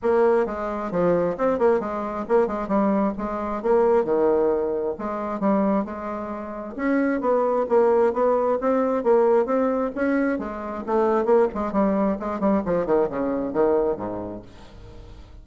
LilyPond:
\new Staff \with { instrumentName = "bassoon" } { \time 4/4 \tempo 4 = 133 ais4 gis4 f4 c'8 ais8 | gis4 ais8 gis8 g4 gis4 | ais4 dis2 gis4 | g4 gis2 cis'4 |
b4 ais4 b4 c'4 | ais4 c'4 cis'4 gis4 | a4 ais8 gis8 g4 gis8 g8 | f8 dis8 cis4 dis4 gis,4 | }